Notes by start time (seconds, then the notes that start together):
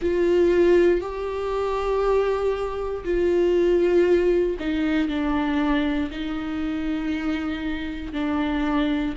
0.01 F4
1.00 G4
3.04 F4
4.59 D#4
5.08 D4
6.11 D#4
8.13 D4